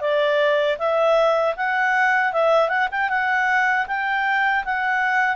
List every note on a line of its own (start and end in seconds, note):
0.00 0.77 D5
0.78 1.55 E5
1.56 2.33 F#5
2.33 2.69 E5
2.69 2.88 F#5
2.91 3.09 G5
3.09 3.86 F#5
3.87 4.64 G5
4.64 5.36 F#5